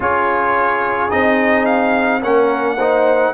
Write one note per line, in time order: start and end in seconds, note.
0.00 1.11 C#4
0.00 1.10 F4
0.00 2.22 G#4
0.00 1.10 C#5
1.10 2.23 C4
1.10 2.21 D#4
1.10 1.65 D#5
1.65 2.21 F5
2.22 3.33 A#3
2.22 2.78 C#4
2.22 2.77 A#4
2.22 3.33 F#5
2.77 3.33 D#4
2.77 3.33 C5